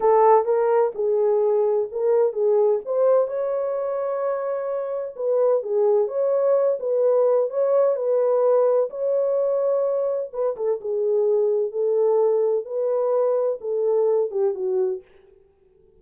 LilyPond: \new Staff \with { instrumentName = "horn" } { \time 4/4 \tempo 4 = 128 a'4 ais'4 gis'2 | ais'4 gis'4 c''4 cis''4~ | cis''2. b'4 | gis'4 cis''4. b'4. |
cis''4 b'2 cis''4~ | cis''2 b'8 a'8 gis'4~ | gis'4 a'2 b'4~ | b'4 a'4. g'8 fis'4 | }